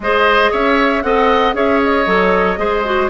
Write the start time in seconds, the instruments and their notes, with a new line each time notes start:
0.00 bassoon G#3, clarinet G#4, oboe C5, flute D#5
0.51 bassoon C#4, oboe C#5, flute E5
1.02 bassoon C4, clarinet A4, oboe D#5, flute F#5
1.53 bassoon C#4, clarinet G#4, oboe C#5, flute E5
1.82 flute D#5
2.05 bassoon F#3, clarinet A4
2.57 bassoon G#3, clarinet G#4, oboe C5
2.84 clarinet F#4